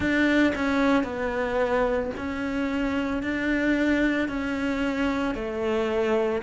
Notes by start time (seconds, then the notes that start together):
0.00 D4
0.55 C#4
1.03 B3
2.17 C#4
3.22 D4
4.28 C#4
5.34 A3